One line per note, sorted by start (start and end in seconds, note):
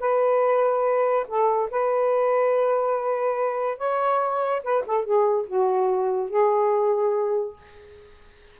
0.00 1.27 B4
1.28 1.70 A4
1.71 3.78 B4
3.78 4.62 C#5
4.64 4.85 B4
4.86 5.05 A4
5.05 5.47 G#4
5.47 6.30 F#4
6.30 7.57 G#4